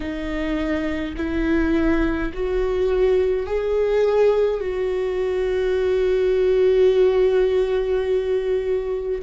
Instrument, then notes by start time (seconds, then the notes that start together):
viola
0.00 D#4
1.16 E4
2.33 F#4
3.46 G#4
4.60 F#4